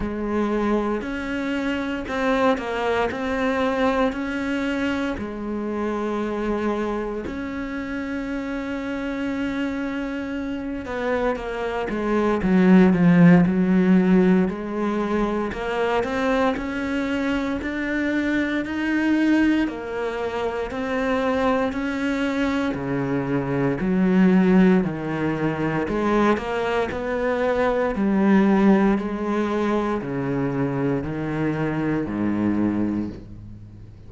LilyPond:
\new Staff \with { instrumentName = "cello" } { \time 4/4 \tempo 4 = 58 gis4 cis'4 c'8 ais8 c'4 | cis'4 gis2 cis'4~ | cis'2~ cis'8 b8 ais8 gis8 | fis8 f8 fis4 gis4 ais8 c'8 |
cis'4 d'4 dis'4 ais4 | c'4 cis'4 cis4 fis4 | dis4 gis8 ais8 b4 g4 | gis4 cis4 dis4 gis,4 | }